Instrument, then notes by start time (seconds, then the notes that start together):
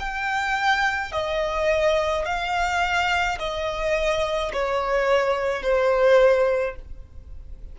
violin
0.00 G5
1.12 D#5
2.25 F5
3.39 D#5
4.53 C#5
5.62 C5